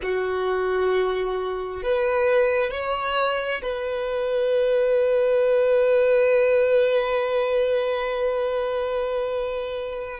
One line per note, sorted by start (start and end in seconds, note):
0.02 1.83 F#4
1.83 2.70 B4
2.70 3.61 C#5
3.62 10.19 B4